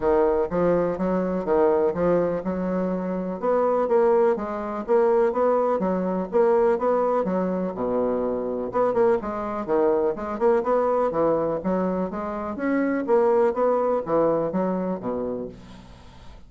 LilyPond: \new Staff \with { instrumentName = "bassoon" } { \time 4/4 \tempo 4 = 124 dis4 f4 fis4 dis4 | f4 fis2 b4 | ais4 gis4 ais4 b4 | fis4 ais4 b4 fis4 |
b,2 b8 ais8 gis4 | dis4 gis8 ais8 b4 e4 | fis4 gis4 cis'4 ais4 | b4 e4 fis4 b,4 | }